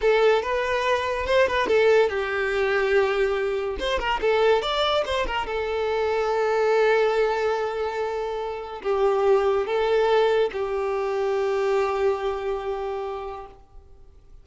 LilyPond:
\new Staff \with { instrumentName = "violin" } { \time 4/4 \tempo 4 = 143 a'4 b'2 c''8 b'8 | a'4 g'2.~ | g'4 c''8 ais'8 a'4 d''4 | c''8 ais'8 a'2.~ |
a'1~ | a'4 g'2 a'4~ | a'4 g'2.~ | g'1 | }